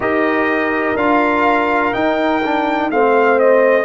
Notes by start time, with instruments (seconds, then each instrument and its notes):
0.00 tuba D#4, trombone G4, horn A#4, trumpet D#5
0.95 tuba D4, trombone F4, trumpet F5
1.93 trombone D#4, tuba D#4, trumpet G5
2.44 trombone D4
2.90 tuba A3, trombone C4, horn C5, trumpet F5
3.39 trumpet D#5